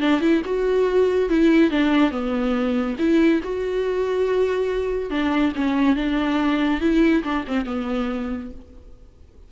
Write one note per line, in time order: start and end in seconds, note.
0.00 0.20 D4
0.20 0.42 E4
0.44 1.29 F#4
1.29 1.70 E4
1.70 2.11 D4
2.11 2.96 B3
2.98 3.41 E4
3.43 5.10 F#4
5.10 5.52 D4
5.55 5.95 C#4
5.95 6.80 D4
6.80 7.23 E4
7.23 7.44 D4
7.47 7.65 C4
7.65 8.50 B3